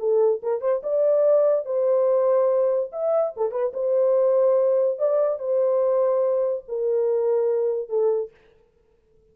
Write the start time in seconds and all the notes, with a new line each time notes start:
0.00 A4
0.43 A#4
0.61 C5
0.83 D5
1.66 C5
2.93 E5
3.37 A4
3.52 B4
3.74 C5
4.99 D5
5.39 C5
6.69 A#4
7.89 A4